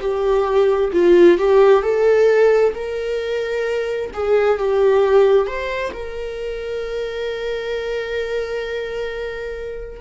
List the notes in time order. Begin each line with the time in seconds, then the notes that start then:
0.00 G4
0.93 F4
1.38 G4
1.82 A4
2.74 A#4
4.13 G#4
4.58 G4
5.47 C5
5.93 A#4